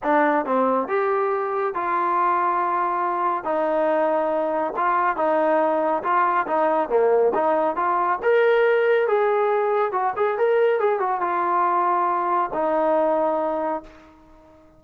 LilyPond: \new Staff \with { instrumentName = "trombone" } { \time 4/4 \tempo 4 = 139 d'4 c'4 g'2 | f'1 | dis'2. f'4 | dis'2 f'4 dis'4 |
ais4 dis'4 f'4 ais'4~ | ais'4 gis'2 fis'8 gis'8 | ais'4 gis'8 fis'8 f'2~ | f'4 dis'2. | }